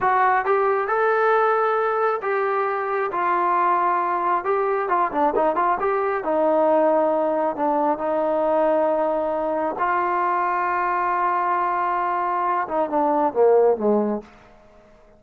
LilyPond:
\new Staff \with { instrumentName = "trombone" } { \time 4/4 \tempo 4 = 135 fis'4 g'4 a'2~ | a'4 g'2 f'4~ | f'2 g'4 f'8 d'8 | dis'8 f'8 g'4 dis'2~ |
dis'4 d'4 dis'2~ | dis'2 f'2~ | f'1~ | f'8 dis'8 d'4 ais4 gis4 | }